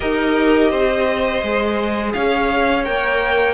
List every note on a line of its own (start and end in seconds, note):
0.00 0.70 D#4
0.00 1.43 G4
0.00 0.70 A#4
0.00 2.11 D#5
0.70 1.42 C4
0.70 2.13 C5
1.42 2.14 G#3
1.42 2.84 G#4
2.13 2.87 C#4
2.13 3.54 C#5
2.13 2.84 F5
2.84 3.54 A#3
2.84 3.54 A#4
2.84 3.54 G5